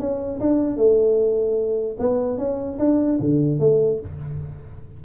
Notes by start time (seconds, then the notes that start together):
0.00 C#4
0.41 D4
0.77 A3
2.00 B3
2.38 C#4
2.79 D4
3.21 D3
3.60 A3